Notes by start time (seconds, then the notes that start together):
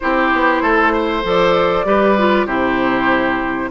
0.00 C4 E4 G4 C5
0.32 B3
0.61 A3 A4
0.92 C5
1.24 F3 A4 D5
1.84 G3 G4 B4
2.17 F4
2.45 C3 E4 G4 C5